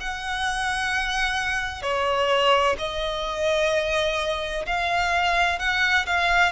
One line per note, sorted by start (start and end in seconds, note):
0.00 1.82 F#5
1.82 2.76 C#5
2.78 4.65 D#5
4.66 5.59 F5
5.59 6.06 F#5
6.06 6.52 F5